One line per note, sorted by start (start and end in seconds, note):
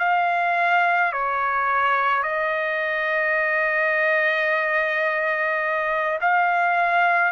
0.00 1.13 F5
1.13 2.23 C#5
2.23 6.20 D#5
6.22 7.33 F5